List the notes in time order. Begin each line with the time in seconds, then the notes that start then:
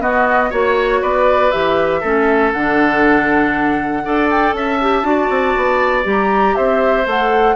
0.00 B3 F#4 D#5
0.50 A#3 F#4 C#5
1.01 B3 B4 D5
1.51 E3 G4 E5
2.00 A3 C#4 A4
2.52 D3 D4 F#5
4.04 D4 A4 D5
4.30 G5
4.52 C#4 E5 A5
4.80 G4
5.03 D4 F#4
5.09 D5
5.29 C4
5.56 B3
6.03 G3 G4
6.10 A#5
6.55 C4 C5 E5
7.05 A3 A4 F#5